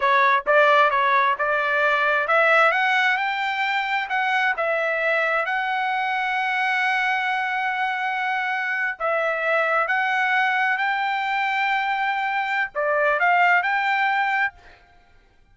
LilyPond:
\new Staff \with { instrumentName = "trumpet" } { \time 4/4 \tempo 4 = 132 cis''4 d''4 cis''4 d''4~ | d''4 e''4 fis''4 g''4~ | g''4 fis''4 e''2 | fis''1~ |
fis''2.~ fis''8. e''16~ | e''4.~ e''16 fis''2 g''16~ | g''1 | d''4 f''4 g''2 | }